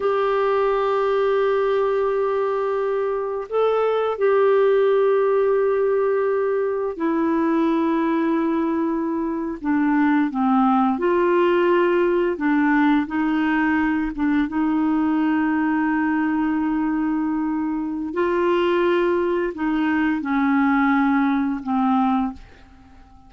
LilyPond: \new Staff \with { instrumentName = "clarinet" } { \time 4/4 \tempo 4 = 86 g'1~ | g'4 a'4 g'2~ | g'2 e'2~ | e'4.~ e'16 d'4 c'4 f'16~ |
f'4.~ f'16 d'4 dis'4~ dis'16~ | dis'16 d'8 dis'2.~ dis'16~ | dis'2 f'2 | dis'4 cis'2 c'4 | }